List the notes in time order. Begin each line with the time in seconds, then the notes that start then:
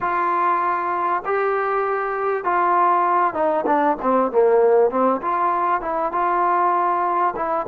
0.01 F4
1.25 G4
2.44 F4
3.34 D#4
3.66 D4
4.01 C4
4.31 A#3
4.90 C4
5.21 F4
5.81 E4
6.11 F4
7.36 E4